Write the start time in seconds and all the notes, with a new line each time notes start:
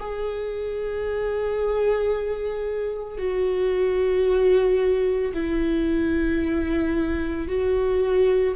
0.00 G#4
3.18 F#4
5.34 E4
7.48 F#4